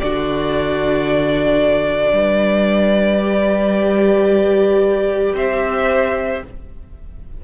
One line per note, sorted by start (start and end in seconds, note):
0.00 2.12 D3
0.00 3.22 D4
0.00 2.14 F#4
0.00 5.36 D5
2.12 5.34 G3
2.12 5.36 B4
3.22 6.44 G4
5.35 6.42 C4
5.35 6.43 C5
5.35 6.44 E5